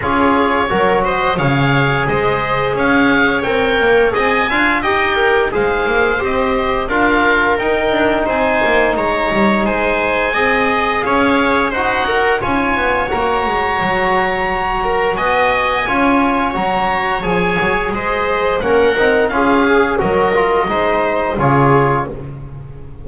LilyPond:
<<
  \new Staff \with { instrumentName = "oboe" } { \time 4/4 \tempo 4 = 87 cis''4. dis''8 f''4 dis''4 | f''4 g''4 gis''4 g''4 | f''4 dis''4 f''4 g''4 | gis''4 ais''4 gis''2 |
f''4 fis''4 gis''4 ais''4~ | ais''2 gis''2 | ais''4 gis''4 dis''4 fis''4 | f''4 dis''2 cis''4 | }
  \new Staff \with { instrumentName = "viola" } { \time 4/4 gis'4 ais'8 c''8 cis''4 c''4 | cis''2 dis''8 f''8 dis''8 ais'8 | c''2 ais'2 | c''4 cis''4 c''4 dis''4 |
cis''4 c''8 ais'8 cis''2~ | cis''4. ais'8 dis''4 cis''4~ | cis''2 c''4 ais'4 | gis'4 ais'4 c''4 gis'4 | }
  \new Staff \with { instrumentName = "trombone" } { \time 4/4 f'4 fis'4 gis'2~ | gis'4 ais'4 gis'8 f'8 g'4 | gis'4 g'4 f'4 dis'4~ | dis'2. gis'4~ |
gis'4 fis'4 f'4 fis'4~ | fis'2. f'4 | fis'4 gis'2 cis'8 dis'8 | f'8 gis'8 fis'8 f'8 dis'4 f'4 | }
  \new Staff \with { instrumentName = "double bass" } { \time 4/4 cis'4 fis4 cis4 gis4 | cis'4 c'8 ais8 c'8 d'8 dis'4 | gis8 ais8 c'4 d'4 dis'8 d'8 | c'8 ais8 gis8 g8 gis4 c'4 |
cis'4 dis'4 cis'8 b8 ais8 gis8 | fis2 b4 cis'4 | fis4 f8 fis8 gis4 ais8 c'8 | cis'4 fis4 gis4 cis4 | }
>>